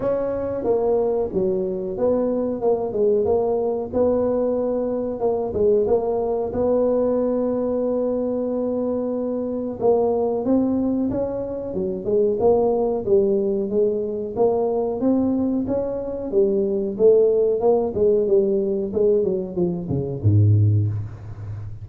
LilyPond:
\new Staff \with { instrumentName = "tuba" } { \time 4/4 \tempo 4 = 92 cis'4 ais4 fis4 b4 | ais8 gis8 ais4 b2 | ais8 gis8 ais4 b2~ | b2. ais4 |
c'4 cis'4 fis8 gis8 ais4 | g4 gis4 ais4 c'4 | cis'4 g4 a4 ais8 gis8 | g4 gis8 fis8 f8 cis8 gis,4 | }